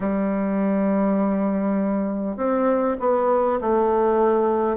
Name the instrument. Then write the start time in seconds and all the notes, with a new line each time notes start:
bassoon
0.00 G3
2.37 C4
2.99 B3
3.61 A3